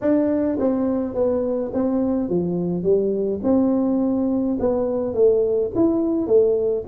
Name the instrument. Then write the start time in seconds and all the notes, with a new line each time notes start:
tuba
0.01 D4
0.59 C4
1.14 B3
1.73 C4
2.29 F3
2.83 G3
3.43 C4
4.59 B3
5.14 A3
5.75 E4
6.26 A3